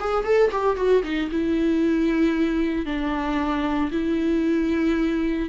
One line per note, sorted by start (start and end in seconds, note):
0.00 0.25 G#4
0.25 0.51 A4
0.52 0.77 G4
0.77 1.03 F#4
1.03 1.29 D#4
1.31 2.86 E4
2.86 3.91 D4
3.92 5.49 E4